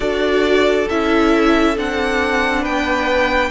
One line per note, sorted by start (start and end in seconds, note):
0.00 0.86 D4
0.00 0.86 F#4
0.00 2.62 A4
0.00 0.88 D5
0.89 1.77 C#4
0.89 1.76 E4
0.89 1.77 E5
1.76 2.65 C4
1.76 3.50 D4
1.76 2.64 F#5
2.62 3.50 B3
2.62 3.50 B4
2.62 3.50 G5